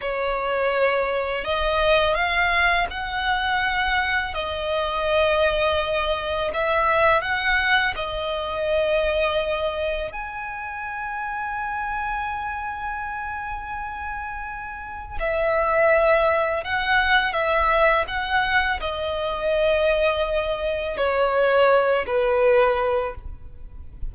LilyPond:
\new Staff \with { instrumentName = "violin" } { \time 4/4 \tempo 4 = 83 cis''2 dis''4 f''4 | fis''2 dis''2~ | dis''4 e''4 fis''4 dis''4~ | dis''2 gis''2~ |
gis''1~ | gis''4 e''2 fis''4 | e''4 fis''4 dis''2~ | dis''4 cis''4. b'4. | }